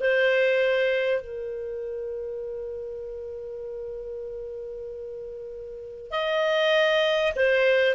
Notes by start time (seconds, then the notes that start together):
0.00 C5
1.21 A#4
6.11 D#5
7.36 C5